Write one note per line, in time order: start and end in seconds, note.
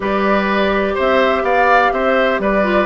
0.00 0.95 G3
0.00 2.63 G4
0.00 0.94 B4
0.00 0.97 D5
0.94 1.42 C4
0.94 1.42 C5
0.94 1.45 E5
1.42 1.90 B3
1.42 1.92 D5
1.42 1.92 F5
1.92 2.39 C4
1.92 2.41 C5
1.92 2.40 E5
2.39 2.86 G3
2.39 2.86 B4
2.39 2.86 D5
2.63 2.86 F4